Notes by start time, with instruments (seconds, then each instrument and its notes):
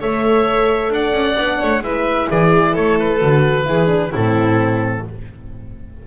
0.00 double bass A3, horn A4, violin C#5, oboe E5
0.89 double bass D4, violin D5, oboe F#5
1.12 double bass C#4
1.37 double bass B3, horn D4
1.60 double bass A3, violin C#5
1.81 double bass G#3, horn E4, violin B4, oboe E5
2.29 double bass E3, violin G#4, oboe D5
2.73 double bass A3, violin A4, oboe C#5
2.99 oboe B4
3.19 double bass D3, horn F#4
3.65 double bass E3, horn E4, violin G#4
3.87 horn D4
4.11 double bass A2, horn C4, violin E4, oboe A4